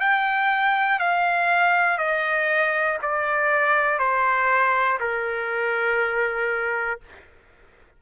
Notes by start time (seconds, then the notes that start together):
0.00 G5
0.99 F5
1.98 D#5
3.02 D5
3.99 C5
5.00 A#4